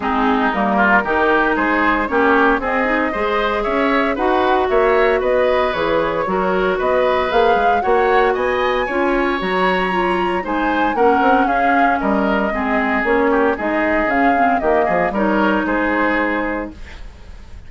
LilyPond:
<<
  \new Staff \with { instrumentName = "flute" } { \time 4/4 \tempo 4 = 115 gis'4 ais'2 c''4 | cis''4 dis''2 e''4 | fis''4 e''4 dis''4 cis''4~ | cis''4 dis''4 f''4 fis''4 |
gis''2 ais''2 | gis''4 fis''4 f''4 dis''4~ | dis''4 cis''4 dis''4 f''4 | dis''4 cis''4 c''2 | }
  \new Staff \with { instrumentName = "oboe" } { \time 4/4 dis'4. f'8 g'4 gis'4 | g'4 gis'4 c''4 cis''4 | b'4 cis''4 b'2 | ais'4 b'2 cis''4 |
dis''4 cis''2. | c''4 ais'4 gis'4 ais'4 | gis'4. g'8 gis'2 | g'8 gis'8 ais'4 gis'2 | }
  \new Staff \with { instrumentName = "clarinet" } { \time 4/4 c'4 ais4 dis'2 | cis'4 c'8 dis'8 gis'2 | fis'2. gis'4 | fis'2 gis'4 fis'4~ |
fis'4 f'4 fis'4 f'4 | dis'4 cis'2. | c'4 cis'4 dis'4 cis'8 c'8 | ais4 dis'2. | }
  \new Staff \with { instrumentName = "bassoon" } { \time 4/4 gis4 g4 dis4 gis4 | ais4 c'4 gis4 cis'4 | dis'4 ais4 b4 e4 | fis4 b4 ais8 gis8 ais4 |
b4 cis'4 fis2 | gis4 ais8 c'8 cis'4 g4 | gis4 ais4 gis4 cis4 | dis8 f8 g4 gis2 | }
>>